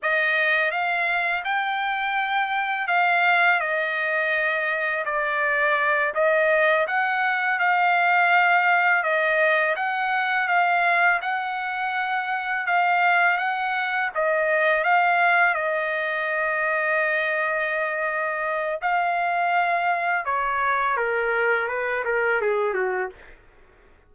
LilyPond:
\new Staff \with { instrumentName = "trumpet" } { \time 4/4 \tempo 4 = 83 dis''4 f''4 g''2 | f''4 dis''2 d''4~ | d''8 dis''4 fis''4 f''4.~ | f''8 dis''4 fis''4 f''4 fis''8~ |
fis''4. f''4 fis''4 dis''8~ | dis''8 f''4 dis''2~ dis''8~ | dis''2 f''2 | cis''4 ais'4 b'8 ais'8 gis'8 fis'8 | }